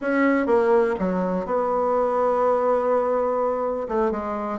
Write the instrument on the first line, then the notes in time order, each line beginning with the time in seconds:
bassoon
0.01 C#4
0.46 A#3
0.99 F#3
1.45 B3
3.88 A3
4.11 G#3